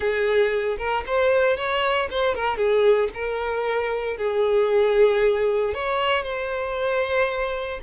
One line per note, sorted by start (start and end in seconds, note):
0.00 0.77 G#4
0.78 1.04 A#4
1.06 1.56 C5
1.56 2.08 C#5
2.10 2.34 C5
2.34 2.57 A#4
2.57 3.09 G#4
3.14 4.17 A#4
4.17 5.73 G#4
5.74 6.23 C#5
6.23 7.80 C5